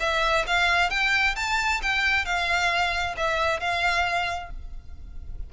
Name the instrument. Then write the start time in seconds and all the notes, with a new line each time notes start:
violin
0.00 E5
0.47 F5
0.90 G5
1.36 A5
1.82 G5
2.25 F5
3.17 E5
3.60 F5